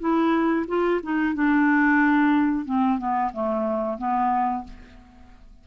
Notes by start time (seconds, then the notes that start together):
0.00 E4
0.68 F4
1.03 D#4
1.35 D4
2.66 C4
2.99 B3
3.33 A3
3.98 B3